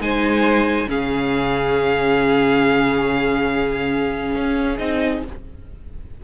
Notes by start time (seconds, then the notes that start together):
0.00 G#3 D#4 C5 G#5
0.88 C#3 C#4 G#4 F5
4.35 C#4
4.78 C4 D#4 D#5